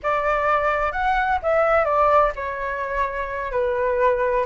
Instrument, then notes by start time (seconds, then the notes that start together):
flute
0.03 D5
0.91 F#5
1.42 E5
1.84 D5
2.35 C#5
3.51 B4